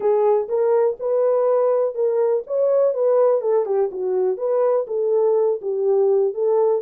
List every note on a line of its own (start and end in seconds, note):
0.00 0.48 G#4
0.48 0.97 A#4
0.99 1.94 B4
1.94 2.43 A#4
2.47 2.94 C#5
2.94 3.41 B4
3.41 3.65 A4
3.65 3.90 G4
3.91 4.37 F#4
4.37 4.85 B4
4.87 5.60 A4
5.61 6.34 G4
6.34 6.82 A4